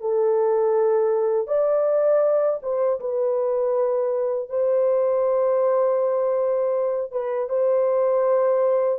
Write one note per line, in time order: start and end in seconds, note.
0.00 1.47 A4
1.47 2.59 D5
2.62 2.99 C5
2.99 4.49 B4
4.49 7.11 C5
7.11 7.49 B4
7.49 8.99 C5